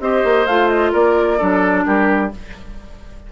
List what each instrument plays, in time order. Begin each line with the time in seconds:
0.00 bassoon C4, clarinet G4, oboe C5, flute D#5
0.24 bassoon A#3
0.46 bassoon A3, clarinet F4, flute F5
0.69 flute D#5
0.92 bassoon A#3, oboe A#4, flute D5
1.38 bassoon F#3, clarinet D4, oboe A4
1.86 bassoon G3, oboe G4, flute A#4